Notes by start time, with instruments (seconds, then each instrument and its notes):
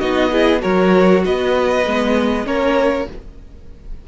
0.00 cello B3, viola D#4, violin F#4 D#5
0.31 viola E4, violin G#4
0.60 cello F#3, viola F#4, violin A#4 C#5
1.25 cello B3, violin B4 D#5
1.86 cello G#3, viola B3
2.45 cello A#3, viola C#4, violin A#4 C#5